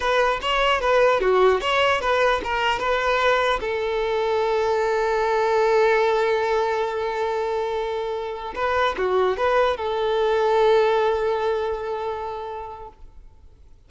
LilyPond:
\new Staff \with { instrumentName = "violin" } { \time 4/4 \tempo 4 = 149 b'4 cis''4 b'4 fis'4 | cis''4 b'4 ais'4 b'4~ | b'4 a'2.~ | a'1~ |
a'1~ | a'4~ a'16 b'4 fis'4 b'8.~ | b'16 a'2.~ a'8.~ | a'1 | }